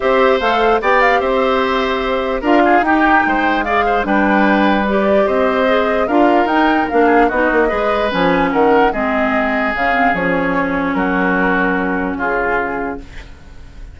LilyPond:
<<
  \new Staff \with { instrumentName = "flute" } { \time 4/4 \tempo 4 = 148 e''4 f''4 g''8 f''8 e''4~ | e''2 f''4 g''4~ | g''4 f''4 g''2 | d''4 dis''2 f''4 |
g''4 f''4 dis''2 | gis''4 fis''4 dis''2 | f''4 cis''2 ais'4~ | ais'2 gis'2 | }
  \new Staff \with { instrumentName = "oboe" } { \time 4/4 c''2 d''4 c''4~ | c''2 ais'8 gis'8 g'4 | c''4 d''8 c''8 b'2~ | b'4 c''2 ais'4~ |
ais'4. gis'8 fis'4 b'4~ | b'4 ais'4 gis'2~ | gis'2. fis'4~ | fis'2 f'2 | }
  \new Staff \with { instrumentName = "clarinet" } { \time 4/4 g'4 a'4 g'2~ | g'2 f'4 dis'4~ | dis'4 gis'4 d'2 | g'2 gis'4 f'4 |
dis'4 d'4 dis'4 gis'4 | cis'2 c'2 | cis'8 c'8 cis'2.~ | cis'1 | }
  \new Staff \with { instrumentName = "bassoon" } { \time 4/4 c'4 a4 b4 c'4~ | c'2 d'4 dis'4 | gis2 g2~ | g4 c'2 d'4 |
dis'4 ais4 b8 ais8 gis4 | f4 dis4 gis2 | cis4 f2 fis4~ | fis2 cis2 | }
>>